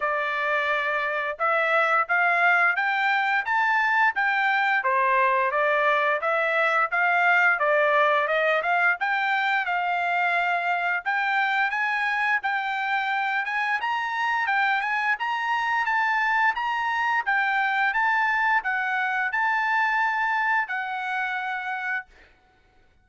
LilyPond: \new Staff \with { instrumentName = "trumpet" } { \time 4/4 \tempo 4 = 87 d''2 e''4 f''4 | g''4 a''4 g''4 c''4 | d''4 e''4 f''4 d''4 | dis''8 f''8 g''4 f''2 |
g''4 gis''4 g''4. gis''8 | ais''4 g''8 gis''8 ais''4 a''4 | ais''4 g''4 a''4 fis''4 | a''2 fis''2 | }